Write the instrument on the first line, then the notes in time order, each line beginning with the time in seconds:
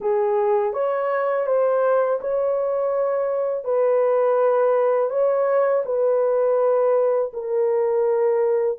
horn
0.00 G#4
0.73 C#5
1.46 C5
2.20 C#5
3.64 B4
5.10 C#5
5.85 B4
7.33 A#4